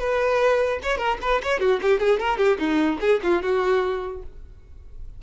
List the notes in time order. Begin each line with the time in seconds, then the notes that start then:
0.00 B4
0.83 C#5
0.98 A#4
1.22 B4
1.43 C#5
1.61 F#4
1.83 G4
2.00 G#4
2.20 A#4
2.38 G4
2.59 D#4
3.01 G#4
3.24 F4
3.43 F#4